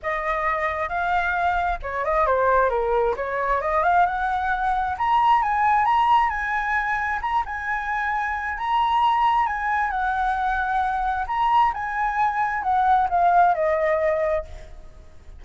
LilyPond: \new Staff \with { instrumentName = "flute" } { \time 4/4 \tempo 4 = 133 dis''2 f''2 | cis''8 dis''8 c''4 ais'4 cis''4 | dis''8 f''8 fis''2 ais''4 | gis''4 ais''4 gis''2 |
ais''8 gis''2~ gis''8 ais''4~ | ais''4 gis''4 fis''2~ | fis''4 ais''4 gis''2 | fis''4 f''4 dis''2 | }